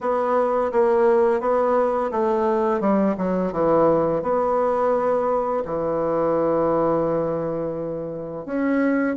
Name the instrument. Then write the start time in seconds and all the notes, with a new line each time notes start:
bassoon
0.01 B3
0.72 A#3
1.40 B3
2.11 A3
2.80 G3
3.17 F#3
3.52 E3
4.22 B3
5.65 E3
8.45 C#4